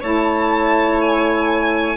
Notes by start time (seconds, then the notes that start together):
0.00 A3 E4 C#5 A5
1.01 G#5